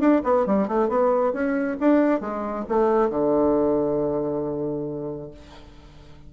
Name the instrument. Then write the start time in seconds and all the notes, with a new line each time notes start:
bassoon
0.00 D4
0.24 B3
0.47 G3
0.68 A3
0.89 B3
1.33 C#4
1.80 D4
2.21 G#3
2.69 A3
3.10 D3